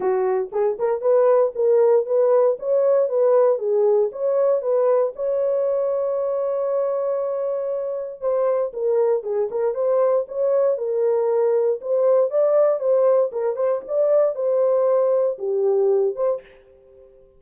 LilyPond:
\new Staff \with { instrumentName = "horn" } { \time 4/4 \tempo 4 = 117 fis'4 gis'8 ais'8 b'4 ais'4 | b'4 cis''4 b'4 gis'4 | cis''4 b'4 cis''2~ | cis''1 |
c''4 ais'4 gis'8 ais'8 c''4 | cis''4 ais'2 c''4 | d''4 c''4 ais'8 c''8 d''4 | c''2 g'4. c''8 | }